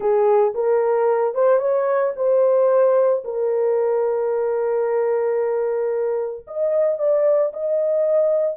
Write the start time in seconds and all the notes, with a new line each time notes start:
0.00 G#4
0.54 A#4
1.34 C5
1.59 C#5
2.16 C5
3.24 A#4
6.47 D#5
6.98 D5
7.53 D#5